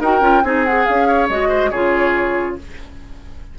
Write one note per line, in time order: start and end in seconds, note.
0.00 0.21 D#4
0.00 0.22 F#4
0.00 0.43 A#4
0.00 0.45 G5
0.21 0.42 C#4
0.21 0.43 F4
0.43 0.86 C4
0.43 0.66 D#4
0.43 1.08 G#4
0.43 0.65 G#5
0.65 1.30 G#4
0.65 0.86 F#5
0.86 1.30 C#4
0.86 1.28 F5
1.08 1.49 C#5
1.29 1.72 G#3
1.29 1.73 F#4
1.29 1.71 D#5
1.49 1.70 C5
1.71 2.59 C#3
1.71 2.59 F4
1.71 2.56 G#4
1.71 2.56 C#5